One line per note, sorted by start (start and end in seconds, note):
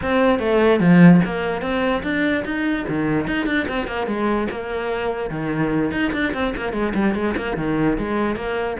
0.02 0.39 C4
0.39 0.80 A3
0.80 1.20 F3
1.24 1.61 A#3
1.61 2.02 C4
2.03 2.44 D4
2.44 2.85 D#4
2.88 3.27 D#3
3.27 3.46 D#4
3.46 3.66 D4
3.68 3.87 C4
3.87 4.06 A#3
4.06 4.47 G#3
4.50 5.29 A#3
5.29 5.91 D#3
5.91 6.11 D#4
6.12 6.33 D4
6.33 6.54 C4
6.56 6.73 A#3
6.73 6.93 G#3
6.94 7.14 G3
7.14 7.35 G#3
7.37 7.56 A#3
7.56 7.97 D#3
7.98 8.36 G#3
8.36 8.76 A#3